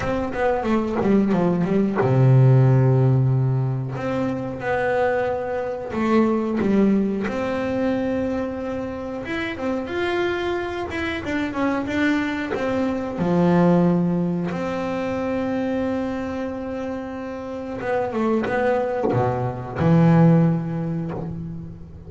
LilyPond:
\new Staff \with { instrumentName = "double bass" } { \time 4/4 \tempo 4 = 91 c'8 b8 a8 g8 f8 g8 c4~ | c2 c'4 b4~ | b4 a4 g4 c'4~ | c'2 e'8 c'8 f'4~ |
f'8 e'8 d'8 cis'8 d'4 c'4 | f2 c'2~ | c'2. b8 a8 | b4 b,4 e2 | }